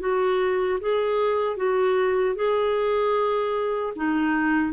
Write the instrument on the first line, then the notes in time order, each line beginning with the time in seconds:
clarinet
0.00 F#4
0.81 G#4
1.57 F#4
2.35 G#4
3.96 D#4